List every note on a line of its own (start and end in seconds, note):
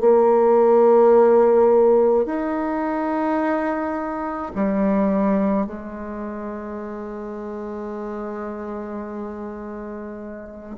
0.00 2.26 A#3
2.26 4.52 D#4
4.55 5.67 G3
5.67 10.76 G#3